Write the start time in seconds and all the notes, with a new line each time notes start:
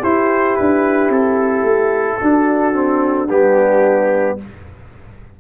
0.00 E4 G4 C5
0.56 D4 B4
1.09 C4 A4
1.63 A3
2.20 D4 F#4
2.74 C4
3.30 G3 B3 D4 G4